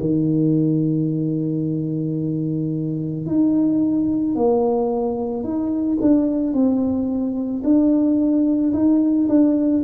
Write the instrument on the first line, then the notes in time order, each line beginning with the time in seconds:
tuba
0.00 D#3
3.26 D#4
4.35 A#3
5.43 D#4
6.01 D4
6.53 C4
7.64 D4
8.73 D#4
9.28 D4